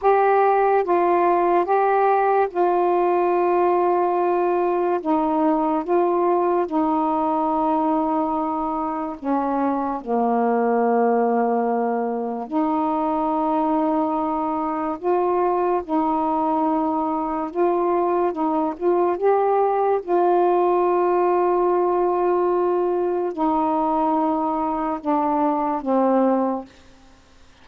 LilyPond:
\new Staff \with { instrumentName = "saxophone" } { \time 4/4 \tempo 4 = 72 g'4 f'4 g'4 f'4~ | f'2 dis'4 f'4 | dis'2. cis'4 | ais2. dis'4~ |
dis'2 f'4 dis'4~ | dis'4 f'4 dis'8 f'8 g'4 | f'1 | dis'2 d'4 c'4 | }